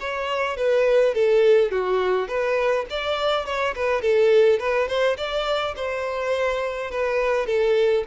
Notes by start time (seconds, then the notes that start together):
0.00 C#5
0.57 B4
1.14 A4
1.71 F#4
2.28 B4
2.90 D5
3.45 C#5
3.75 B4
4.02 A4
4.59 B4
4.88 C5
5.17 D5
5.76 C5
6.91 B4
7.46 A4